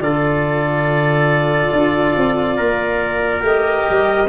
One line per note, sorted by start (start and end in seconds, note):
0.00 1.71 D3
0.00 3.41 F4
0.00 2.57 A4
0.00 3.43 D5
1.72 2.15 D4
2.17 2.59 C4
2.57 3.42 A#3
2.57 4.28 A#4
3.41 3.85 A3
3.41 4.26 G4
3.41 4.29 D#5
3.89 4.29 G3